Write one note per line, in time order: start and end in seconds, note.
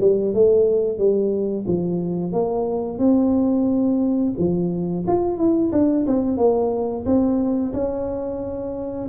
0.00 0.34 G3
0.34 0.98 A3
0.98 1.65 G3
1.67 2.32 F3
2.32 2.98 A#3
2.98 4.33 C4
4.38 5.05 F3
5.07 5.37 F4
5.37 5.71 E4
5.72 6.06 D4
6.06 6.37 C4
6.37 7.04 A#3
7.05 7.73 C4
7.73 9.08 C#4